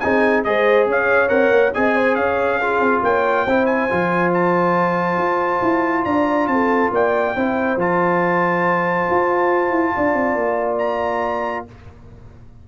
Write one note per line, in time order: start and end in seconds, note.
0.00 0.45 C4
0.00 0.45 D#4
0.00 0.46 G#4
0.00 0.43 G#5
0.44 0.86 G#3
0.44 1.29 G#4
0.44 0.89 C5
0.44 0.87 D#5
0.86 1.29 C#4
0.86 1.75 C#5
0.86 1.29 F5
1.29 1.50 C4
1.29 1.72 A#4
1.29 1.72 F#5
1.50 1.72 A#3
1.74 2.16 C4
1.74 2.61 G#4
1.74 1.96 D#5
1.74 2.15 G#5
1.96 2.17 C5
2.15 2.80 C#4
2.15 2.59 C#5
2.15 3.01 F5
2.59 3.47 F4
2.59 3.02 G#4
2.80 3.01 C4
3.03 3.46 A#3
3.03 3.45 C#5
3.03 3.66 G5
3.45 3.89 C4
3.45 3.90 E4
3.45 6.04 C5
3.66 4.30 G#5
3.90 5.17 F3
3.90 7.35 F4
4.34 6.05 A5
5.17 5.61 F4
5.62 6.05 E4
6.05 6.48 D4
6.05 6.48 D5
6.05 6.47 A#5
6.47 6.91 C4
6.47 6.93 A4
6.47 6.91 A5
6.91 7.34 A#3
6.91 7.36 D5
6.91 7.80 G5
7.36 7.76 C4
7.36 7.79 E4
7.36 9.95 C5
7.76 9.06 F3
7.76 11.68 F4
7.76 10.78 A5
9.10 9.71 F4
9.71 9.92 E4
9.95 10.14 D4
9.95 11.68 D5
10.14 10.35 C4
10.35 11.65 A#3
10.78 11.64 A#5